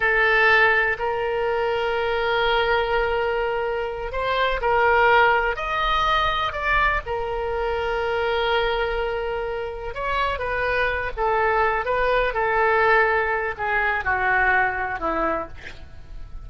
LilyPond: \new Staff \with { instrumentName = "oboe" } { \time 4/4 \tempo 4 = 124 a'2 ais'2~ | ais'1~ | ais'8 c''4 ais'2 dis''8~ | dis''4. d''4 ais'4.~ |
ais'1~ | ais'8 cis''4 b'4. a'4~ | a'8 b'4 a'2~ a'8 | gis'4 fis'2 e'4 | }